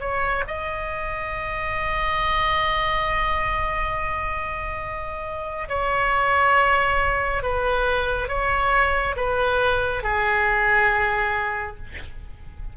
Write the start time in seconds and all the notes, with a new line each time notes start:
0.00 C#5
0.47 D#5
5.69 C#5
7.43 B4
8.28 C#5
9.16 B4
10.03 G#4